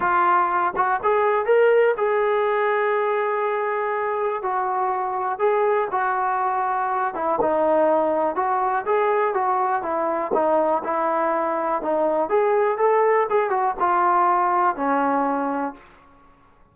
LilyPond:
\new Staff \with { instrumentName = "trombone" } { \time 4/4 \tempo 4 = 122 f'4. fis'8 gis'4 ais'4 | gis'1~ | gis'4 fis'2 gis'4 | fis'2~ fis'8 e'8 dis'4~ |
dis'4 fis'4 gis'4 fis'4 | e'4 dis'4 e'2 | dis'4 gis'4 a'4 gis'8 fis'8 | f'2 cis'2 | }